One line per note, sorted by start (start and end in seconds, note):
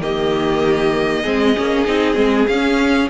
0.00 1.24 D#3
0.00 1.24 A#3
0.00 1.23 G4
0.00 2.47 D#5
1.23 1.56 G#3
1.23 1.55 C4
1.23 3.09 G#4
1.56 1.87 A#3
1.56 1.86 C#4
1.86 2.16 C4
1.86 2.15 D#4
2.15 2.47 G#3
2.15 2.46 C4
2.47 3.10 C#4
2.47 3.09 F5
2.53 3.10 C#4